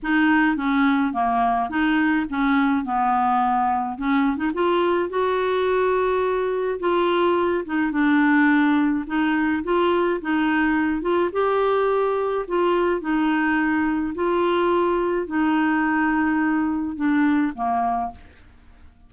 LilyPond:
\new Staff \with { instrumentName = "clarinet" } { \time 4/4 \tempo 4 = 106 dis'4 cis'4 ais4 dis'4 | cis'4 b2 cis'8. dis'16 | f'4 fis'2. | f'4. dis'8 d'2 |
dis'4 f'4 dis'4. f'8 | g'2 f'4 dis'4~ | dis'4 f'2 dis'4~ | dis'2 d'4 ais4 | }